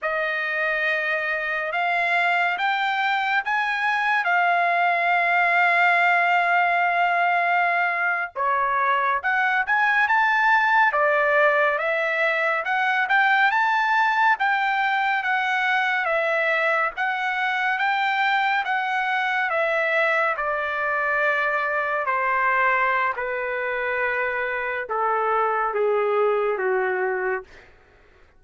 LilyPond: \new Staff \with { instrumentName = "trumpet" } { \time 4/4 \tempo 4 = 70 dis''2 f''4 g''4 | gis''4 f''2.~ | f''4.~ f''16 cis''4 fis''8 gis''8 a''16~ | a''8. d''4 e''4 fis''8 g''8 a''16~ |
a''8. g''4 fis''4 e''4 fis''16~ | fis''8. g''4 fis''4 e''4 d''16~ | d''4.~ d''16 c''4~ c''16 b'4~ | b'4 a'4 gis'4 fis'4 | }